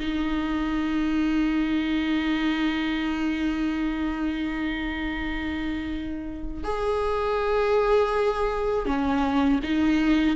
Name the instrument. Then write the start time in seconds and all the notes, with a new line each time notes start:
viola
0.00 D#4
6.64 G#4
8.86 C#4
9.63 D#4